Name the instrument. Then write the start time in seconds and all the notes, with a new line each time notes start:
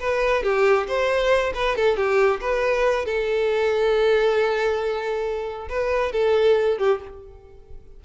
violin
0.00 B4
0.43 G4
0.87 C5
1.54 B4
1.76 A4
1.97 G4
2.41 B4
3.06 A4
5.69 B4
6.12 A4
6.78 G4